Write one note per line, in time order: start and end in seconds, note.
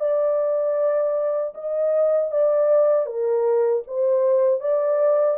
0.00 1.54 D5
1.54 2.31 D#5
2.31 3.06 D5
3.06 3.83 A#4
3.87 4.60 C5
4.60 5.37 D5